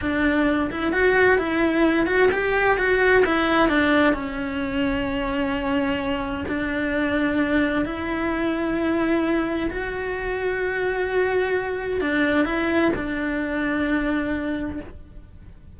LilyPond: \new Staff \with { instrumentName = "cello" } { \time 4/4 \tempo 4 = 130 d'4. e'8 fis'4 e'4~ | e'8 fis'8 g'4 fis'4 e'4 | d'4 cis'2.~ | cis'2 d'2~ |
d'4 e'2.~ | e'4 fis'2.~ | fis'2 d'4 e'4 | d'1 | }